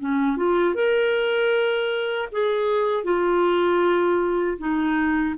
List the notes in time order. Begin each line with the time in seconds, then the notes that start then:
0.00 C#4
0.37 F4
0.75 A#4
2.32 G#4
3.04 F4
4.58 D#4